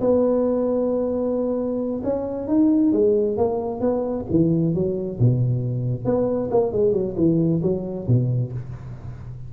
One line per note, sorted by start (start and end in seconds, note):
0.00 2.01 B3
2.03 2.47 C#4
2.47 2.92 D#4
2.92 3.37 G#3
3.37 3.80 A#3
3.80 4.25 B3
4.30 4.74 E3
4.74 5.19 F#3
5.19 6.05 B2
6.05 6.49 B3
6.51 6.72 A#3
6.72 6.93 G#3
6.93 7.15 F#3
7.16 7.61 E3
7.62 8.07 F#3
8.07 8.52 B2